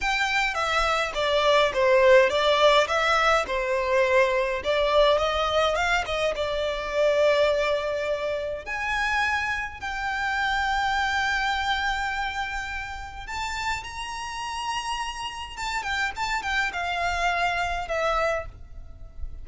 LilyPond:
\new Staff \with { instrumentName = "violin" } { \time 4/4 \tempo 4 = 104 g''4 e''4 d''4 c''4 | d''4 e''4 c''2 | d''4 dis''4 f''8 dis''8 d''4~ | d''2. gis''4~ |
gis''4 g''2.~ | g''2. a''4 | ais''2. a''8 g''8 | a''8 g''8 f''2 e''4 | }